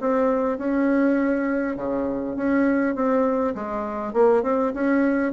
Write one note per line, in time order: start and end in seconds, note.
0.00 0.58 C4
0.58 1.76 C#4
1.76 2.36 C#3
2.36 2.95 C#4
2.95 3.54 C4
3.55 4.13 G#3
4.13 4.43 A#3
4.43 4.73 C4
4.74 5.32 C#4